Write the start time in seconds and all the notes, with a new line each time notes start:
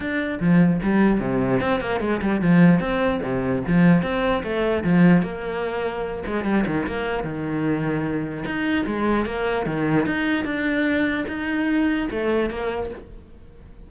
0.00 D4
0.39 F3
0.82 G3
1.20 C3
1.60 C4
1.80 A#3
2.00 G#3
2.21 G3
2.41 F3
2.80 C4
3.22 C3
3.67 F3
4.02 C4
4.43 A3
4.84 F3
5.22 A#3
6.26 G#3
6.44 G3
6.66 D#3
6.86 A#3
7.23 D#3
8.45 D#4
8.86 G#3
9.25 A#3
9.66 D#3
10.06 D#4
10.44 D4
11.28 D#4
12.10 A3
12.50 A#3